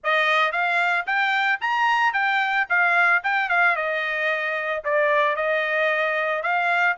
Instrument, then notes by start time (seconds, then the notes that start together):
trumpet
0.03 D#5
0.52 F5
1.06 G5
1.60 A#5
2.13 G5
2.69 F5
3.23 G5
3.49 F5
3.75 D#5
4.84 D5
5.36 D#5
6.42 F5